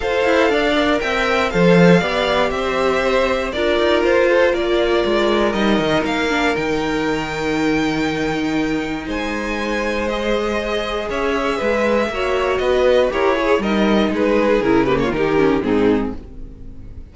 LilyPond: <<
  \new Staff \with { instrumentName = "violin" } { \time 4/4 \tempo 4 = 119 f''2 g''4 f''4~ | f''4 e''2 d''4 | c''4 d''2 dis''4 | f''4 g''2.~ |
g''2 gis''2 | dis''2 e''2~ | e''4 dis''4 cis''4 dis''4 | b'4 ais'8 b'16 cis''16 ais'4 gis'4 | }
  \new Staff \with { instrumentName = "violin" } { \time 4/4 c''4 d''4 e''4 c''4 | d''4 c''2 ais'4~ | ais'8 a'8 ais'2.~ | ais'1~ |
ais'2 c''2~ | c''2 cis''4 b'4 | cis''4 b'4 ais'8 gis'8 ais'4 | gis'4. g'16 f'16 g'4 dis'4 | }
  \new Staff \with { instrumentName = "viola" } { \time 4/4 a'4. ais'4. a'4 | g'2. f'4~ | f'2. dis'4~ | dis'8 d'8 dis'2.~ |
dis'1 | gis'1 | fis'2 g'8 gis'8 dis'4~ | dis'4 e'8 ais8 dis'8 cis'8 c'4 | }
  \new Staff \with { instrumentName = "cello" } { \time 4/4 f'8 e'8 d'4 c'4 f4 | b4 c'2 d'8 dis'8 | f'4 ais4 gis4 g8 dis8 | ais4 dis2.~ |
dis2 gis2~ | gis2 cis'4 gis4 | ais4 b4 e'4 g4 | gis4 cis4 dis4 gis,4 | }
>>